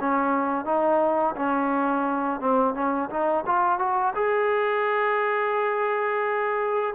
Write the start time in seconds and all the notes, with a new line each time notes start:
0.00 C#4
0.65 D#4
1.35 C#4
2.40 C4
2.74 C#4
3.10 D#4
3.46 F4
3.79 F#4
4.15 G#4